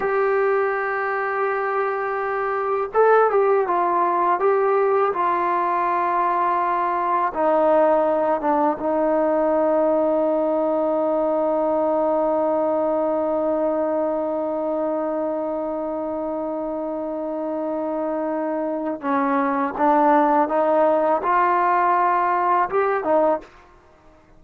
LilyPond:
\new Staff \with { instrumentName = "trombone" } { \time 4/4 \tempo 4 = 82 g'1 | a'8 g'8 f'4 g'4 f'4~ | f'2 dis'4. d'8 | dis'1~ |
dis'1~ | dis'1~ | dis'2 cis'4 d'4 | dis'4 f'2 g'8 dis'8 | }